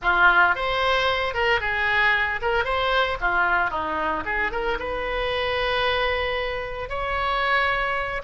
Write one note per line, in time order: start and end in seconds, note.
0.02 0.55 F4
0.55 1.33 C5
1.33 1.60 A#4
1.60 2.40 G#4
2.41 2.64 A#4
2.64 3.17 C5
3.21 3.70 F4
3.70 4.23 D#4
4.25 4.51 G#4
4.51 4.78 A#4
4.79 6.89 B4
6.89 8.22 C#5